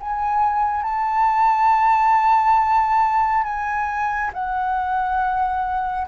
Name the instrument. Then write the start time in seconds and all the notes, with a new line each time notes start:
flute
0.00 G#5
0.83 A5
3.44 G#5
4.33 F#5